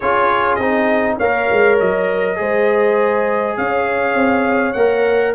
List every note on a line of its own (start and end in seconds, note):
0.00 0.58 C#4
0.00 0.60 F4
0.00 1.16 G#4
0.00 0.55 C#5
0.55 1.17 C4
0.55 1.20 D#4
0.55 1.14 D#5
1.17 1.49 A#3
1.17 2.36 C#5
1.17 1.78 F5
1.23 2.36 A#4
1.52 1.80 G#3
1.79 2.40 F#3
1.79 3.57 D#5
2.36 3.57 G#3
2.36 4.73 G#4
2.36 3.58 C5
3.57 4.14 C#4
3.57 5.34 C#5
3.57 4.73 F5
4.14 4.74 C4
4.73 5.34 A#3
4.73 5.34 A#4
4.73 5.32 F#5